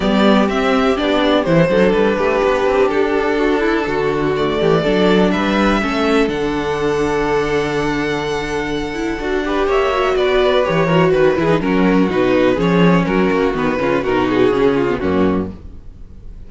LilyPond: <<
  \new Staff \with { instrumentName = "violin" } { \time 4/4 \tempo 4 = 124 d''4 e''4 d''4 c''4 | b'2 a'2~ | a'4 d''2 e''4~ | e''4 fis''2.~ |
fis''1 | e''4 d''4 cis''4 b'8 gis'8 | ais'4 b'4 cis''4 ais'4 | b'4 ais'8 gis'4. fis'4 | }
  \new Staff \with { instrumentName = "violin" } { \time 4/4 g'2.~ g'8 a'8~ | a'8 g'2~ g'8 fis'8 e'8 | fis'4. g'8 a'4 b'4 | a'1~ |
a'2.~ a'8 b'8 | cis''4 b'4. ais'8 b'4 | fis'2 gis'4 fis'4~ | fis'8 f'8 fis'4. f'8 cis'4 | }
  \new Staff \with { instrumentName = "viola" } { \time 4/4 b4 c'4 d'4 e'8 d'8~ | d'1~ | d'4 a4 d'2 | cis'4 d'2.~ |
d'2~ d'8 e'8 fis'8 g'8~ | g'8 fis'4. g'8 fis'4 e'16 dis'16 | cis'4 dis'4 cis'2 | b8 cis'8 dis'4 cis'8. b16 ais4 | }
  \new Staff \with { instrumentName = "cello" } { \time 4/4 g4 c'4 b4 e8 fis8 | g8 a8 b8 c'8 d'2 | d4. e8 fis4 g4 | a4 d2.~ |
d2. d'4 | ais4 b4 e4 dis8 e8 | fis4 b,4 f4 fis8 ais8 | dis8 cis8 b,4 cis4 fis,4 | }
>>